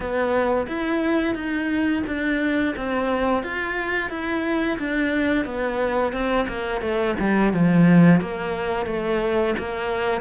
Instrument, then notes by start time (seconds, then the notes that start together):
cello
0.00 B3
0.67 E4
1.35 D#4
2.06 D4
2.76 C4
3.43 F4
4.09 E4
4.79 D4
5.45 B3
6.12 C4
6.47 A#3
6.81 A3
7.19 G3
7.53 F3
8.20 A#3
8.86 A3
9.58 A#3